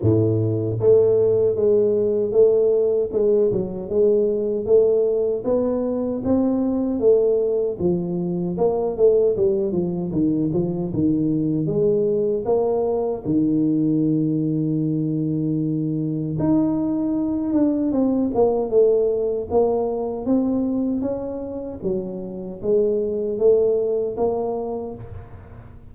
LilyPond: \new Staff \with { instrumentName = "tuba" } { \time 4/4 \tempo 4 = 77 a,4 a4 gis4 a4 | gis8 fis8 gis4 a4 b4 | c'4 a4 f4 ais8 a8 | g8 f8 dis8 f8 dis4 gis4 |
ais4 dis2.~ | dis4 dis'4. d'8 c'8 ais8 | a4 ais4 c'4 cis'4 | fis4 gis4 a4 ais4 | }